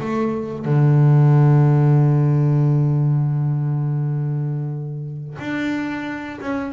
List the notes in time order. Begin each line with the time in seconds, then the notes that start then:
0.00 A3
0.65 D3
5.39 D4
6.41 C#4